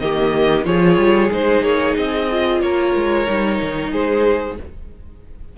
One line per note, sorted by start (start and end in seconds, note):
0.00 0.65 D#3
0.00 0.65 A#3
0.00 0.67 G4
0.00 0.65 D#5
0.65 0.97 F3
0.65 1.30 F4
0.65 2.62 G#4
0.65 1.31 C#5
0.97 1.30 G3
1.32 1.62 G#3
1.32 2.30 D#4
1.32 1.63 C5
1.62 1.95 A#3
1.62 1.96 C#5
1.97 2.62 C4
1.97 2.61 D#5
2.31 3.27 F4
2.61 2.95 A#3
2.61 3.91 A#4
2.61 3.92 C#5
2.95 3.28 G#3
3.27 3.61 G3
3.27 4.57 D#4
3.62 3.93 D#3
3.91 4.58 G#3
3.91 4.57 G#4
3.91 4.57 C5